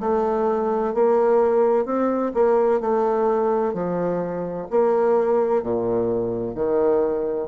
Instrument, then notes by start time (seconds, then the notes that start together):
bassoon
0.00 A3
0.94 A#3
1.85 C4
2.34 A#3
2.80 A3
3.74 F3
4.70 A#3
5.62 A#2
6.55 D#3